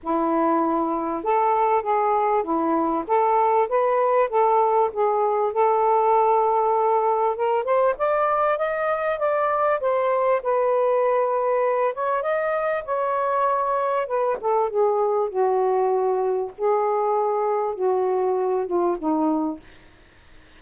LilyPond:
\new Staff \with { instrumentName = "saxophone" } { \time 4/4 \tempo 4 = 98 e'2 a'4 gis'4 | e'4 a'4 b'4 a'4 | gis'4 a'2. | ais'8 c''8 d''4 dis''4 d''4 |
c''4 b'2~ b'8 cis''8 | dis''4 cis''2 b'8 a'8 | gis'4 fis'2 gis'4~ | gis'4 fis'4. f'8 dis'4 | }